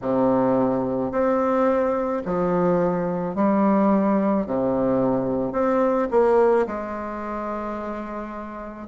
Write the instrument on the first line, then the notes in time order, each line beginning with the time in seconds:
bassoon
0.02 C3
1.11 C4
2.25 F3
3.35 G3
4.46 C3
5.52 C4
6.11 A#3
6.67 G#3